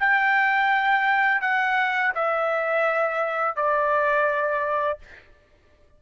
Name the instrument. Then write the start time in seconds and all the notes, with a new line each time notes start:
trumpet
0.00 G5
1.42 F#5
2.15 E5
3.56 D5